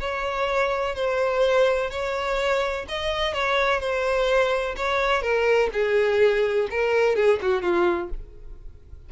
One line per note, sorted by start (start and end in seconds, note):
0.00 0.95 C#5
0.95 1.90 C5
1.91 2.86 C#5
2.89 3.34 D#5
3.34 3.80 C#5
3.80 4.76 C5
4.76 5.22 C#5
5.22 5.70 A#4
5.73 6.68 G#4
6.70 7.16 A#4
7.16 7.39 G#4
7.42 7.62 F#4
7.62 8.10 F4